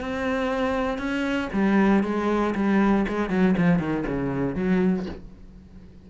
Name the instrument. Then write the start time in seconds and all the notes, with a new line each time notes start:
cello
0.00 C4
0.98 C#4
1.53 G3
2.03 G#3
2.54 G3
3.08 G#3
3.29 F#3
3.57 F3
3.79 D#3
4.07 C#3
4.55 F#3